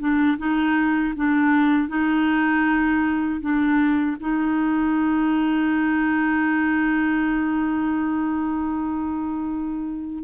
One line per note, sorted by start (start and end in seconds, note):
0.00 0.38 D4
0.38 1.14 D#4
1.16 1.88 D4
1.88 3.40 D#4
3.41 4.17 D4
4.20 10.24 D#4